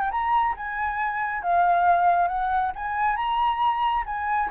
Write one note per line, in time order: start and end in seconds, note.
0.00 0.11 G5
0.11 0.55 A#5
0.57 1.43 G#5
1.43 2.28 F5
2.28 2.72 F#5
2.76 3.16 G#5
3.16 4.04 A#5
4.06 4.50 G#5